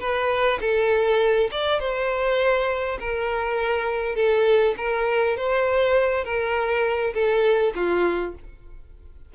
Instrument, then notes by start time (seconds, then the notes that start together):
violin
0.00 B4
0.61 A4
1.51 D5
1.80 C5
2.99 A#4
4.16 A4
4.77 A#4
5.37 C5
6.24 A#4
7.14 A4
7.75 F4